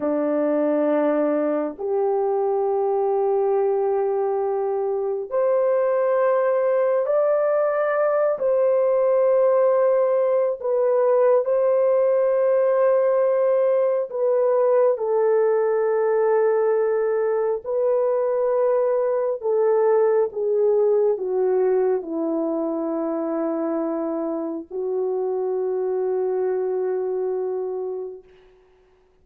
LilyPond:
\new Staff \with { instrumentName = "horn" } { \time 4/4 \tempo 4 = 68 d'2 g'2~ | g'2 c''2 | d''4. c''2~ c''8 | b'4 c''2. |
b'4 a'2. | b'2 a'4 gis'4 | fis'4 e'2. | fis'1 | }